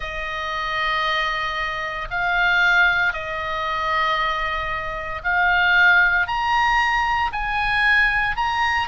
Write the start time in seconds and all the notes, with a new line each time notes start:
0.00 D#5
2.10 F5
3.13 D#5
5.23 F5
6.27 A#5
7.32 G#5
8.36 A#5